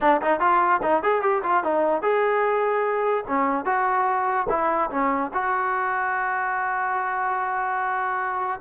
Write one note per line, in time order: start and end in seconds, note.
0.00 0.21 D4
0.21 0.40 D#4
0.40 0.81 F4
0.82 1.02 D#4
1.03 1.22 G#4
1.22 1.42 G4
1.43 1.63 F4
1.63 2.01 D#4
2.01 3.24 G#4
3.27 3.65 C#4
3.65 4.46 F#4
4.49 4.90 E4
4.90 5.31 C#4
5.33 8.60 F#4